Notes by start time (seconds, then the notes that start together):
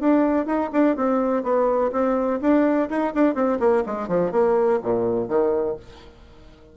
0.00 D4
0.46 D#4
0.72 D4
0.96 C4
1.43 B3
1.92 C4
2.41 D4
2.90 D#4
3.14 D4
3.34 C4
3.59 A#3
3.86 G#3
4.08 F3
4.31 A#3
4.82 A#2
5.28 D#3